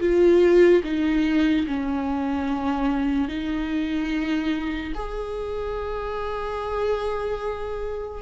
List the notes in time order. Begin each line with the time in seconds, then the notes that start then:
0.00 F4
0.84 D#4
1.67 C#4
3.28 D#4
4.95 G#4